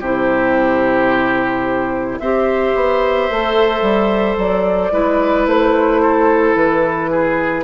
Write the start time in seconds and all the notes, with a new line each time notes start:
0.00 C3 E4 G4 C5
2.19 C4 G4 C5 E5
2.75 B3
3.30 A3 A4
3.82 G3
4.37 F#3 D5
4.92 G#3 E4 B4
5.46 A3 C5
6.02 A4
6.55 E3 B4
7.10 G#4